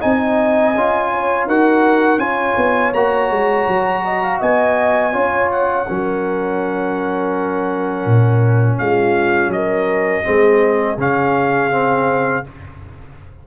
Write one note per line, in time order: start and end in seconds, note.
0.00 0.75 C4
0.00 0.74 D#4
0.00 1.10 D#5
0.00 1.47 G#5
0.75 1.47 C#4
0.75 1.50 F4
1.12 1.48 C#5
1.47 2.18 D#4
1.47 2.20 F#4
1.47 2.21 A#4
1.47 2.19 F#5
2.18 2.54 C#4
2.18 2.93 F4
2.18 4.04 C#5
2.18 2.93 G#5
2.57 2.94 B3
2.94 3.30 A#3
2.94 5.13 F#4
2.94 4.40 A#5
3.30 3.67 G#3
3.68 4.41 F#3
4.04 4.23 D#5
4.23 4.41 F5
4.41 5.15 B3
4.41 5.13 D#5
4.41 5.51 G#5
5.13 5.88 C#4
5.13 5.86 F4
5.13 5.87 C#5
5.51 8.79 F#5
5.88 8.06 F#3
5.88 10.24 C#4
5.88 8.81 A#4
8.06 8.79 A#2
8.79 9.48 G#3
8.79 9.55 F4
8.79 9.52 F5
9.48 10.21 F#3
9.48 10.99 D#5
9.55 10.24 A#4
10.24 10.97 G#3
10.24 10.97 C4
10.24 12.44 G#4
10.97 12.44 C#3
10.97 11.71 C#4
10.97 12.47 F5
11.71 12.44 C4